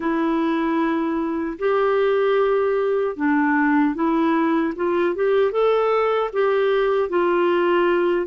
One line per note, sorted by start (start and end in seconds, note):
0.00 1.58 E4
1.59 3.16 G4
3.16 3.94 D4
3.94 4.73 E4
4.75 5.15 F4
5.15 5.51 G4
5.51 6.30 A4
6.32 7.09 G4
7.09 8.26 F4